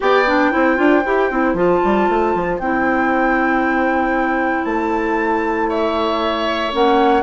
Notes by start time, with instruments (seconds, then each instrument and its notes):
0.00 bassoon B3, clarinet G4, oboe D5, flute G5
0.27 clarinet D4
0.51 bassoon C4, clarinet E4, oboe C5
0.75 bassoon D4, clarinet F4
1.05 bassoon E4, clarinet G4
1.30 bassoon C4, clarinet E4
1.53 bassoon F3, clarinet F4, flute A5
1.84 bassoon G3
2.08 bassoon A3
2.34 bassoon F3
2.58 bassoon C4, clarinet E4, flute G5
4.64 bassoon A3, flute A5
5.69 oboe C#5, flute E5
6.72 bassoon A#3, clarinet C#4, flute F#5